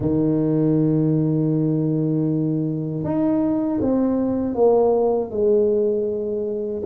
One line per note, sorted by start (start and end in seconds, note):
0.00 3.03 D#3
3.03 3.79 D#4
3.81 4.54 C4
4.54 5.30 A#3
5.30 6.82 G#3